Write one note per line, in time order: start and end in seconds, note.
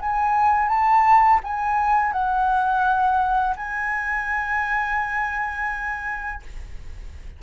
0.00 0.69 G#5
0.69 1.40 A5
1.44 2.12 G#5
2.12 3.55 F#5
3.56 6.42 G#5